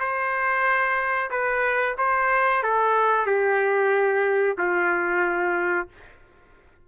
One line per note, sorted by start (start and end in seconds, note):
0.00 1.30 C5
1.31 1.96 B4
1.98 2.63 C5
2.63 3.26 A4
3.26 4.57 G4
4.58 5.88 F4